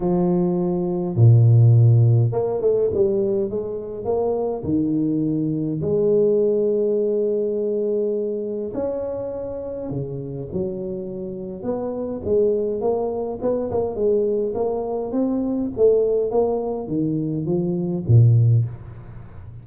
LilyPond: \new Staff \with { instrumentName = "tuba" } { \time 4/4 \tempo 4 = 103 f2 ais,2 | ais8 a8 g4 gis4 ais4 | dis2 gis2~ | gis2. cis'4~ |
cis'4 cis4 fis2 | b4 gis4 ais4 b8 ais8 | gis4 ais4 c'4 a4 | ais4 dis4 f4 ais,4 | }